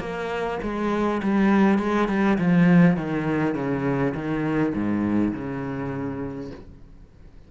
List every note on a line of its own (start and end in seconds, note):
0.00 0.59 A#3
0.63 1.22 G#3
1.23 1.79 G3
1.79 2.09 G#3
2.09 2.38 G3
2.39 2.97 F3
2.97 3.55 D#3
3.55 4.14 C#3
4.15 4.74 D#3
4.74 5.33 G#2
5.34 6.51 C#3